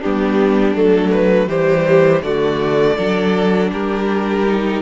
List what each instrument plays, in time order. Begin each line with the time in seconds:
0.00 cello G3, viola B3, violin D4 G4
0.74 cello F#3, viola A3, violin A4
1.12 violin B4
1.47 cello E3, viola G3, violin G4 C5
2.22 cello D3, viola A3, violin F#4 D5
2.96 cello F#3, viola D4, violin A4
3.72 cello G3, violin G4 A#4
4.47 viola D#4